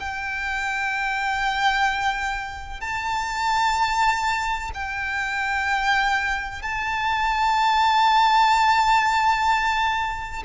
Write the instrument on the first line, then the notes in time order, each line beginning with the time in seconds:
violin
0.00 G5
2.81 A5
4.74 G5
6.62 A5